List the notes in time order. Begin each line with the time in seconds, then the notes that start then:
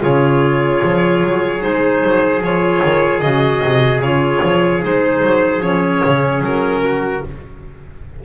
0.00 C#3 F4 G#4 C#5
0.84 F3
1.24 F#3
1.60 G#3 D#4 C5
2.04 F#3
2.41 F3 F4 C#5
2.84 D#3
3.20 C#3 F#4 D#5
3.63 C3
4.00 C#3 F4 C#5
4.43 F3
4.82 G#3 D#4 C5
5.23 F#3
5.61 F3 C#4 C#5
6.05 C#3
6.41 F#3 A#4
6.85 F#4